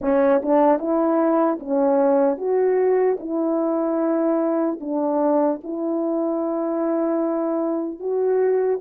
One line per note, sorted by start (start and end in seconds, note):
0.01 0.41 C#4
0.42 0.79 D4
0.79 1.59 E4
1.59 2.37 C#4
2.37 3.17 F#4
3.19 4.79 E4
4.80 5.60 D4
5.63 7.99 E4
7.99 8.79 F#4